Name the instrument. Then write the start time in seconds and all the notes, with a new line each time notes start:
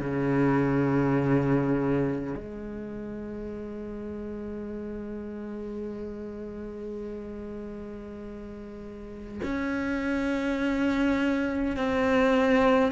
cello
0.00 C#3
2.35 G#3
9.43 C#4
11.76 C4